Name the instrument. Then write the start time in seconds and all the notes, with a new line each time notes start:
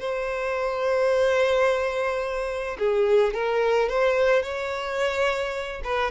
violin
0.00 C5
2.79 G#4
3.34 A#4
3.89 C5
4.43 C#5
5.84 B4